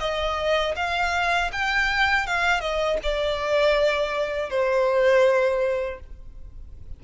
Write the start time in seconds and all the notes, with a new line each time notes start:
0.00 D#5
0.76 F5
1.52 G5
2.27 F5
2.61 D#5
3.03 D5
4.50 C5